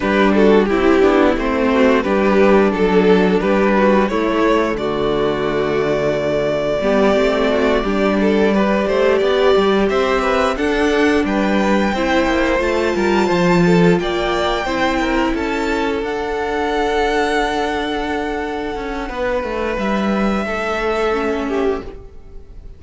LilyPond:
<<
  \new Staff \with { instrumentName = "violin" } { \time 4/4 \tempo 4 = 88 b'8 a'8 g'4 c''4 b'4 | a'4 b'4 cis''4 d''4~ | d''1~ | d''2~ d''8 e''4 fis''8~ |
fis''8 g''2 a''4.~ | a''8 g''2 a''4 fis''8~ | fis''1~ | fis''4 e''2. | }
  \new Staff \with { instrumentName = "violin" } { \time 4/4 g'8 fis'8 e'4. fis'8 g'4 | a'4 g'8 fis'8 e'4 fis'4~ | fis'2 g'4 fis'8 g'8 | a'8 b'8 c''8 d''4 c''8 b'8 a'8~ |
a'8 b'4 c''4. ais'8 c''8 | a'8 d''4 c''8 ais'8 a'4.~ | a'1 | b'2 a'4. g'8 | }
  \new Staff \with { instrumentName = "viola" } { \time 4/4 d'4 e'8 d'8 c'4 d'4~ | d'2 a2~ | a2 b8 c'4 d'8~ | d'8 g'2. d'8~ |
d'4. e'4 f'4.~ | f'4. e'2 d'8~ | d'1~ | d'2. cis'4 | }
  \new Staff \with { instrumentName = "cello" } { \time 4/4 g4 c'8 b8 a4 g4 | fis4 g4 a4 d4~ | d2 g8 a4 g8~ | g4 a8 b8 g8 c'4 d'8~ |
d'8 g4 c'8 ais8 a8 g8 f8~ | f8 ais4 c'4 cis'4 d'8~ | d'2.~ d'8 cis'8 | b8 a8 g4 a2 | }
>>